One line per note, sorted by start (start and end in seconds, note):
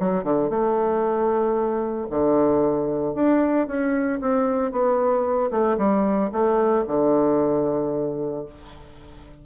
0.00 0.24 F#3
0.24 0.50 D3
0.50 2.08 A3
2.11 3.15 D3
3.15 3.68 D4
3.68 4.20 C#4
4.22 4.72 C4
4.72 5.51 B3
5.51 5.78 A3
5.78 6.31 G3
6.33 6.85 A3
6.88 8.46 D3